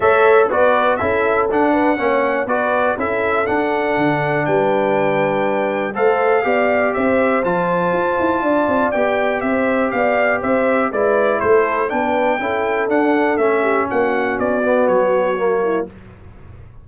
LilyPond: <<
  \new Staff \with { instrumentName = "trumpet" } { \time 4/4 \tempo 4 = 121 e''4 d''4 e''4 fis''4~ | fis''4 d''4 e''4 fis''4~ | fis''4 g''2. | f''2 e''4 a''4~ |
a''2 g''4 e''4 | f''4 e''4 d''4 c''4 | g''2 fis''4 e''4 | fis''4 d''4 cis''2 | }
  \new Staff \with { instrumentName = "horn" } { \time 4/4 cis''4 b'4 a'4. b'8 | cis''4 b'4 a'2~ | a'4 b'2. | c''4 d''4 c''2~ |
c''4 d''2 c''4 | d''4 c''4 b'4 a'4 | b'4 a'2~ a'8 g'8 | fis'2.~ fis'8 e'8 | }
  \new Staff \with { instrumentName = "trombone" } { \time 4/4 a'4 fis'4 e'4 d'4 | cis'4 fis'4 e'4 d'4~ | d'1 | a'4 g'2 f'4~ |
f'2 g'2~ | g'2 e'2 | d'4 e'4 d'4 cis'4~ | cis'4. b4. ais4 | }
  \new Staff \with { instrumentName = "tuba" } { \time 4/4 a4 b4 cis'4 d'4 | ais4 b4 cis'4 d'4 | d4 g2. | a4 b4 c'4 f4 |
f'8 e'8 d'8 c'8 b4 c'4 | b4 c'4 gis4 a4 | b4 cis'4 d'4 a4 | ais4 b4 fis2 | }
>>